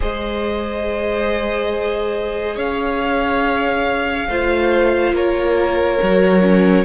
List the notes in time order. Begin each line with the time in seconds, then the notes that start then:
0.00 G#3 G#4 C5 D#5
2.55 C#4 C#5 F5
4.28 A3 F4 C5
5.12 A#3 A#4 C#5
6.01 F#3 F#4
6.42 C#4